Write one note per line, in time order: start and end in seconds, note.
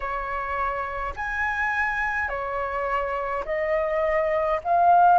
0.00 1.13 C#5
1.15 2.28 G#5
2.28 3.44 C#5
3.45 4.60 D#5
4.64 5.18 F5